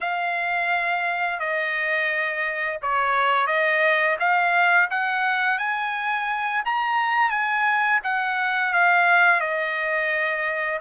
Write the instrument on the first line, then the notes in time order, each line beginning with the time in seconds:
trumpet
0.00 F5
1.40 D#5
2.82 C#5
3.47 D#5
4.19 F5
4.90 F#5
5.58 G#5
6.65 A#5
7.29 G#5
8.03 F#5
8.73 F5
9.40 D#5